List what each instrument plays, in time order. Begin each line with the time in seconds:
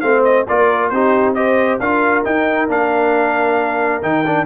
0.00 tuba A3, trombone C4, horn C5, trumpet F5
0.24 trumpet D#5
0.48 tuba A#3, trombone F4, horn A#4, trumpet D5
0.89 tuba C4, trombone D#4, horn G4, trumpet C5
1.34 trombone G4, horn C5, trumpet D#5
1.79 tuba D4, trombone F4, horn A#4, trumpet F5
2.24 trombone D#4, tuba D#4, trumpet G5
2.68 tuba A#3, trombone D4, trumpet F5
4.02 tuba D#3, trombone D#4, trumpet G5
4.26 trombone D4